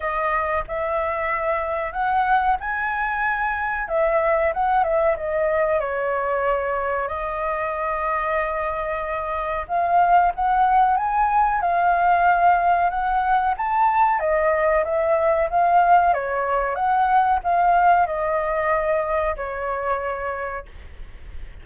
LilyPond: \new Staff \with { instrumentName = "flute" } { \time 4/4 \tempo 4 = 93 dis''4 e''2 fis''4 | gis''2 e''4 fis''8 e''8 | dis''4 cis''2 dis''4~ | dis''2. f''4 |
fis''4 gis''4 f''2 | fis''4 a''4 dis''4 e''4 | f''4 cis''4 fis''4 f''4 | dis''2 cis''2 | }